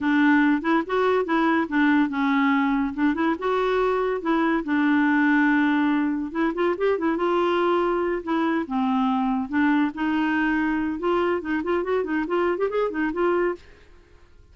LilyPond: \new Staff \with { instrumentName = "clarinet" } { \time 4/4 \tempo 4 = 142 d'4. e'8 fis'4 e'4 | d'4 cis'2 d'8 e'8 | fis'2 e'4 d'4~ | d'2. e'8 f'8 |
g'8 e'8 f'2~ f'8 e'8~ | e'8 c'2 d'4 dis'8~ | dis'2 f'4 dis'8 f'8 | fis'8 dis'8 f'8. g'16 gis'8 dis'8 f'4 | }